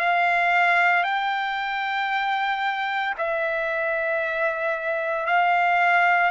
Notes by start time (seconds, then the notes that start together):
0.00 F5
1.04 G5
3.19 E5
5.27 F5